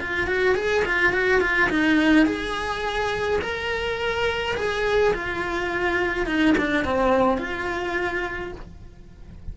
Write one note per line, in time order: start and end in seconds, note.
0.00 0.26 F4
0.26 0.55 F#4
0.55 0.83 G#4
0.85 1.12 F4
1.12 1.41 F#4
1.41 1.69 F4
1.70 2.25 D#4
2.25 3.39 G#4
3.41 4.55 A#4
4.56 5.13 G#4
5.14 6.26 F4
6.26 6.55 D#4
6.57 6.84 D4
6.84 7.37 C4
7.37 8.52 F4